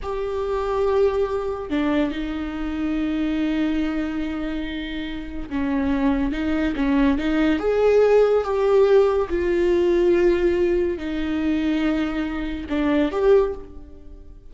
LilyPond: \new Staff \with { instrumentName = "viola" } { \time 4/4 \tempo 4 = 142 g'1 | d'4 dis'2.~ | dis'1~ | dis'4 cis'2 dis'4 |
cis'4 dis'4 gis'2 | g'2 f'2~ | f'2 dis'2~ | dis'2 d'4 g'4 | }